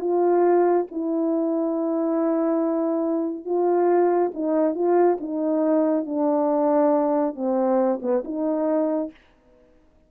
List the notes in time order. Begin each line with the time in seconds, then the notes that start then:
0.00 F4
0.91 E4
3.45 F4
4.34 D#4
4.75 F4
5.21 D#4
6.06 D4
7.35 C4
8.02 B3
8.24 D#4